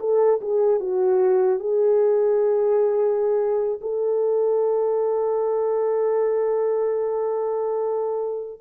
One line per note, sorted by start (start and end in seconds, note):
0.00 0.40 A4
0.41 0.80 G#4
0.80 1.59 F#4
1.59 3.79 G#4
3.81 8.60 A4